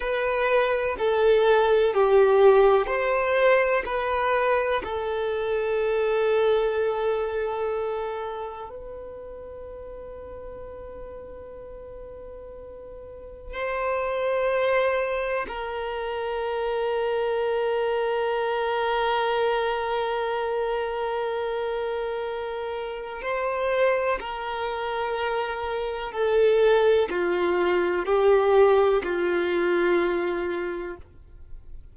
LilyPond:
\new Staff \with { instrumentName = "violin" } { \time 4/4 \tempo 4 = 62 b'4 a'4 g'4 c''4 | b'4 a'2.~ | a'4 b'2.~ | b'2 c''2 |
ais'1~ | ais'1 | c''4 ais'2 a'4 | f'4 g'4 f'2 | }